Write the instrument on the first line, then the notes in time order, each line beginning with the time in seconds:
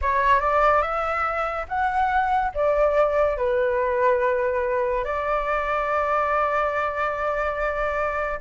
flute
0.01 C#5
0.40 D5
0.82 E5
1.68 F#5
2.54 D5
3.37 B4
5.04 D5